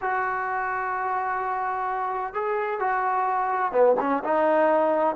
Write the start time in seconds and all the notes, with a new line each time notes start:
0.01 F#4
2.33 G#4
2.79 F#4
3.72 B3
4.00 C#4
4.24 D#4